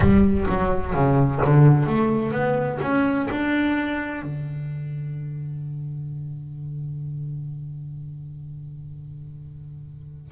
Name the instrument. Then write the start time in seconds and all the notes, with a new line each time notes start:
double bass
0.00 G3
0.48 F#3
0.94 C#3
1.44 D3
1.86 A3
2.31 B3
2.81 C#4
3.30 D4
4.22 D3